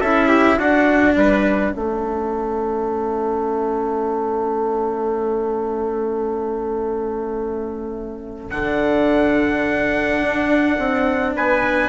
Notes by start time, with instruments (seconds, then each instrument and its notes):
0.00 bassoon C#4, cello E4, trumpet A4 E5
0.28 trumpet G4
0.57 bassoon D4, cello D4, trumpet F#4 F#5
1.14 bassoon G3, trumpet B4 E5
1.71 bassoon A3, cello C#4, trumpet A4
8.50 bassoon D3, cello D4, trumpet F#5
10.22 bassoon D4
10.78 bassoon C4
11.36 bassoon B3, trumpet B4 G#5